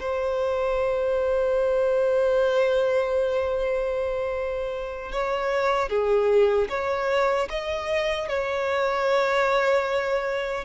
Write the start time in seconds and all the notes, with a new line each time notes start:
0.00 C5
5.12 C#5
5.89 G#4
6.69 C#5
7.50 D#5
8.28 C#5